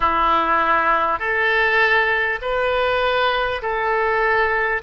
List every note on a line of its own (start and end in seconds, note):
0.00 1.19 E4
1.19 2.39 A4
2.41 3.61 B4
3.62 4.82 A4